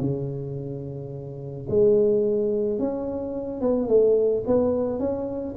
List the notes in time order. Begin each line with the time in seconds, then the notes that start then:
0.00 C#3
1.69 G#3
2.78 C#4
3.61 B3
3.88 A3
4.46 B3
4.99 C#4